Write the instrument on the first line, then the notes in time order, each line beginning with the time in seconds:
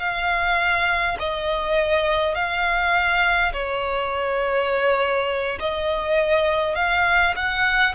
violin
0.00 F5
1.20 D#5
2.35 F5
3.53 C#5
5.60 D#5
6.76 F5
7.36 F#5